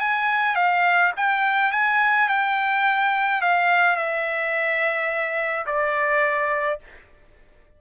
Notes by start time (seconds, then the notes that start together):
0.00 G#5
0.56 F5
1.17 G5
1.72 G#5
2.29 G5
3.42 F5
3.96 E5
5.67 D5